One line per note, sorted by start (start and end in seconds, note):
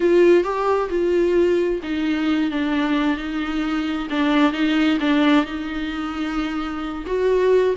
0.00 0.43 F4
0.43 0.89 G4
0.89 1.80 F4
1.82 2.50 D#4
2.51 3.17 D4
3.17 4.08 D#4
4.10 4.52 D4
4.52 4.98 D#4
5.00 5.45 D4
5.45 7.04 D#4
7.06 7.74 F#4